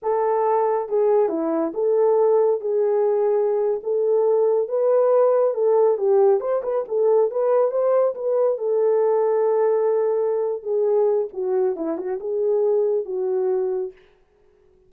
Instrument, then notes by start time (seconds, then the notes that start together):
horn
0.02 A4
0.88 G#4
1.28 E4
1.74 A4
2.60 G#4
3.83 A4
4.68 B4
5.54 A4
5.97 G4
6.40 C5
6.62 B4
6.88 A4
7.30 B4
7.71 C5
8.15 B4
8.58 A4
10.62 G#4
11.33 F#4
11.75 E4
11.97 F#4
12.20 G#4
13.05 F#4